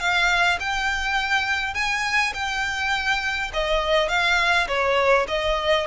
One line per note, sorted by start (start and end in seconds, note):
0.00 0.59 F5
0.60 1.75 G5
1.75 2.33 G#5
2.34 3.52 G5
3.54 4.09 D#5
4.09 4.68 F5
4.68 5.27 C#5
5.28 5.87 D#5